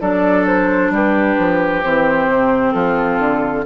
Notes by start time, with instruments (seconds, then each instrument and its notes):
0.00 bassoon F#3, clarinet D4, oboe A4, flute D5
0.47 flute C5
0.90 bassoon G3, oboe G4, flute B4
1.38 bassoon F3
1.83 bassoon E3, clarinet C4, flute C5
2.27 bassoon C3
2.72 bassoon F3, oboe F4, flute A4
3.19 bassoon D3